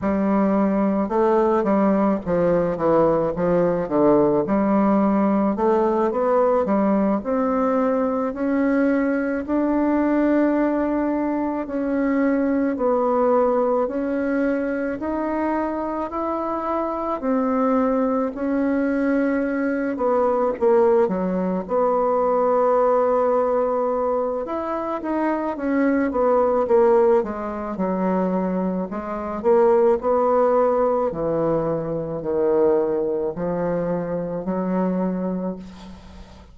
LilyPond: \new Staff \with { instrumentName = "bassoon" } { \time 4/4 \tempo 4 = 54 g4 a8 g8 f8 e8 f8 d8 | g4 a8 b8 g8 c'4 cis'8~ | cis'8 d'2 cis'4 b8~ | b8 cis'4 dis'4 e'4 c'8~ |
c'8 cis'4. b8 ais8 fis8 b8~ | b2 e'8 dis'8 cis'8 b8 | ais8 gis8 fis4 gis8 ais8 b4 | e4 dis4 f4 fis4 | }